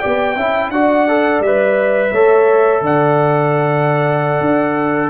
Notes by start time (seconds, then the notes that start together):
0.00 B3 G4 D5 G5
0.37 C#4 E4 E5
0.70 D4 F#4 D5 F#5
1.09 A4
1.40 G3 E5
1.47 B4
2.12 A3 A4 C#5
2.81 D3 D5 F#5
4.41 D4